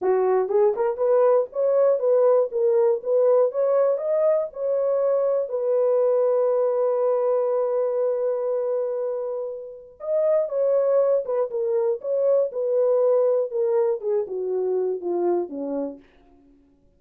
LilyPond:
\new Staff \with { instrumentName = "horn" } { \time 4/4 \tempo 4 = 120 fis'4 gis'8 ais'8 b'4 cis''4 | b'4 ais'4 b'4 cis''4 | dis''4 cis''2 b'4~ | b'1~ |
b'1 | dis''4 cis''4. b'8 ais'4 | cis''4 b'2 ais'4 | gis'8 fis'4. f'4 cis'4 | }